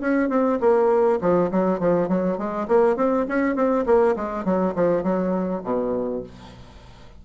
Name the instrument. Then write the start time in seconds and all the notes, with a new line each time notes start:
bassoon
0.00 C#4
0.29 C4
0.60 A#3
1.21 F3
1.51 F#3
1.79 F3
2.08 F#3
2.37 G#3
2.68 A#3
2.96 C4
3.28 C#4
3.55 C4
3.85 A#3
4.16 G#3
4.44 F#3
4.75 F3
5.03 F#3
5.63 B2